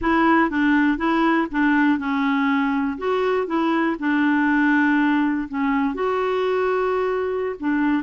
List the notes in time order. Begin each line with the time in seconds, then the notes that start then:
0.01 E4
0.50 D4
0.97 E4
1.51 D4
1.98 C#4
2.98 F#4
3.46 E4
3.99 D4
5.48 C#4
5.94 F#4
7.59 D4